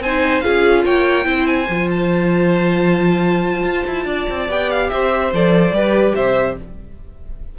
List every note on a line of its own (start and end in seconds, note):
0.00 0.42 C4
0.00 0.43 D#4
0.00 0.45 C5
0.00 0.41 G#5
0.41 0.86 C#4
0.41 1.24 F4
0.41 0.85 G#4
0.41 0.83 F5
0.85 1.26 A#3
0.85 1.26 C#5
0.85 1.47 G5
1.24 1.67 C4
1.24 1.66 E4
1.24 4.06 C5
1.47 1.89 G#5
1.69 3.63 F3
1.69 4.49 F4
1.90 4.51 A5
3.63 3.84 F4
3.87 4.05 E4
4.05 4.26 D4
4.05 4.89 D5
4.30 4.49 C4
4.49 4.91 B3
4.49 5.32 G4
4.49 4.71 G5
4.71 4.90 F5
4.90 5.33 C4
4.90 5.75 C5
4.90 5.32 E5
5.33 5.72 F3
5.33 5.73 A4
5.33 6.16 D5
5.72 6.13 G3
5.72 6.57 G4
5.72 6.16 B4
6.16 6.59 C3
6.16 6.57 C5
6.16 6.57 E5